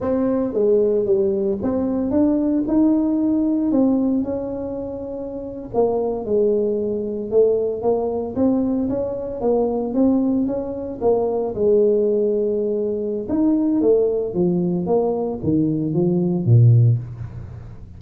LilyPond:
\new Staff \with { instrumentName = "tuba" } { \time 4/4 \tempo 4 = 113 c'4 gis4 g4 c'4 | d'4 dis'2 c'4 | cis'2~ cis'8. ais4 gis16~ | gis4.~ gis16 a4 ais4 c'16~ |
c'8. cis'4 ais4 c'4 cis'16~ | cis'8. ais4 gis2~ gis16~ | gis4 dis'4 a4 f4 | ais4 dis4 f4 ais,4 | }